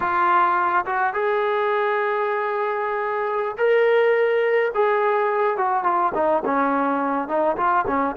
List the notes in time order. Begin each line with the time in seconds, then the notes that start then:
0.00 F4
0.86 F#4
1.13 G#4
3.57 A#4
4.74 G#4
5.57 F#4
5.83 F4
6.14 D#4
6.45 C#4
7.28 D#4
7.56 F4
7.87 C#4